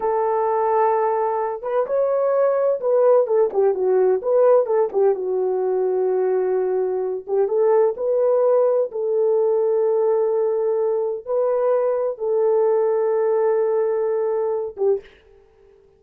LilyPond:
\new Staff \with { instrumentName = "horn" } { \time 4/4 \tempo 4 = 128 a'2.~ a'8 b'8 | cis''2 b'4 a'8 g'8 | fis'4 b'4 a'8 g'8 fis'4~ | fis'2.~ fis'8 g'8 |
a'4 b'2 a'4~ | a'1 | b'2 a'2~ | a'2.~ a'8 g'8 | }